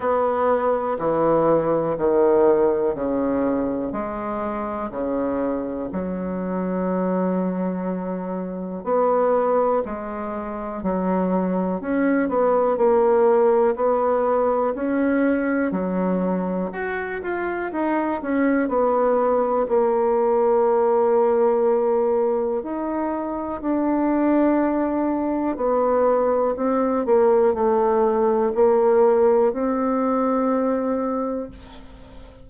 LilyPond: \new Staff \with { instrumentName = "bassoon" } { \time 4/4 \tempo 4 = 61 b4 e4 dis4 cis4 | gis4 cis4 fis2~ | fis4 b4 gis4 fis4 | cis'8 b8 ais4 b4 cis'4 |
fis4 fis'8 f'8 dis'8 cis'8 b4 | ais2. dis'4 | d'2 b4 c'8 ais8 | a4 ais4 c'2 | }